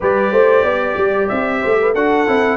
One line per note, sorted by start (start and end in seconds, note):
0.00 0.31 G3
0.00 1.94 G4
0.00 0.32 B4
0.00 1.28 D5
0.31 0.63 A3
0.31 0.63 C5
0.63 0.96 B3
0.63 1.60 D5
0.97 1.29 G3
1.28 1.63 C4
1.28 1.93 E5
1.61 1.94 A3
1.61 1.77 C5
1.81 1.94 B4
1.94 2.26 D4
1.94 2.27 F#4
1.94 2.57 A4
1.94 2.57 F#5
2.27 2.57 C4
2.27 2.57 E4